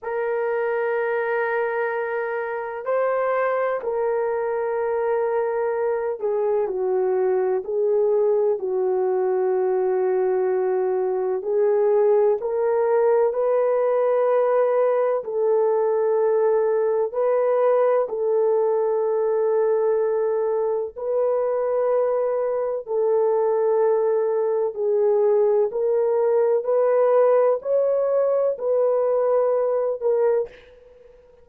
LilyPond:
\new Staff \with { instrumentName = "horn" } { \time 4/4 \tempo 4 = 63 ais'2. c''4 | ais'2~ ais'8 gis'8 fis'4 | gis'4 fis'2. | gis'4 ais'4 b'2 |
a'2 b'4 a'4~ | a'2 b'2 | a'2 gis'4 ais'4 | b'4 cis''4 b'4. ais'8 | }